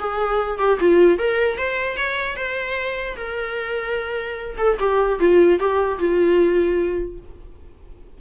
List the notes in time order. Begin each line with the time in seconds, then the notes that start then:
0.00 G#4
0.59 G4
0.80 F4
1.19 A#4
1.58 C5
1.97 C#5
2.36 C5
3.17 A#4
4.58 A4
4.80 G4
5.20 F4
5.60 G4
5.99 F4